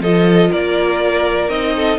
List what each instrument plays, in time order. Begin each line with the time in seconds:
0.00 cello F3, viola F4, violin A4 D#5
0.50 cello A#3, violin A#4 D5
1.49 cello C4, viola D#4, violin D#5
1.75 violin A4